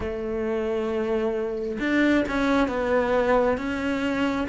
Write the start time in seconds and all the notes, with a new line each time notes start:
0.00 A3
1.79 D4
2.28 C#4
2.67 B3
3.57 C#4